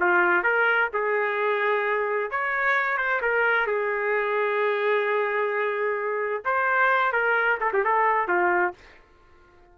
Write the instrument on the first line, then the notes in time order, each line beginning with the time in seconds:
trumpet
0.00 F4
0.43 A#4
0.93 G#4
2.31 C#5
2.98 C5
3.22 A#4
3.67 G#4
6.45 C5
7.12 A#4
7.60 A4
7.73 G4
7.85 A4
8.28 F4